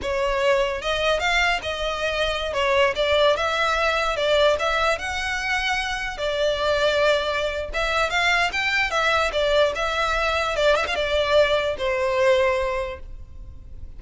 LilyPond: \new Staff \with { instrumentName = "violin" } { \time 4/4 \tempo 4 = 148 cis''2 dis''4 f''4 | dis''2~ dis''16 cis''4 d''8.~ | d''16 e''2 d''4 e''8.~ | e''16 fis''2. d''8.~ |
d''2. e''4 | f''4 g''4 e''4 d''4 | e''2 d''8 e''16 f''16 d''4~ | d''4 c''2. | }